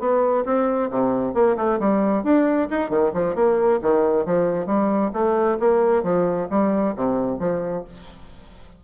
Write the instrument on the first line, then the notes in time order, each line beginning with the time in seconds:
bassoon
0.00 B3
0.46 C4
0.91 C3
1.35 A#3
1.57 A3
1.80 G3
2.24 D4
2.71 D#4
2.90 D#3
3.14 F3
3.36 A#3
3.82 D#3
4.26 F3
4.67 G3
5.14 A3
5.60 A#3
6.03 F3
6.50 G3
6.96 C3
7.40 F3